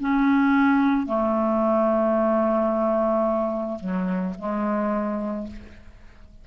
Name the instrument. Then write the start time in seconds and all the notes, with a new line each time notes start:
clarinet
0.00 C#4
1.07 A3
3.80 F#3
4.38 G#3